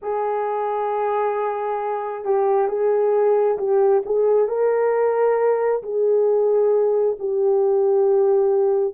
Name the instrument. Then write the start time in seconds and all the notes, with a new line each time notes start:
horn
0.02 G#4
2.24 G4
2.68 G#4
3.58 G4
4.05 G#4
4.48 A#4
5.82 G#4
7.19 G4